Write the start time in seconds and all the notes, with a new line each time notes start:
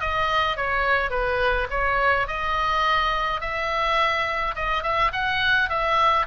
0.00 D#5
0.57 C#5
1.10 B4
1.70 C#5
2.27 D#5
3.41 E5
4.55 D#5
4.83 E5
5.13 F#5
5.69 E5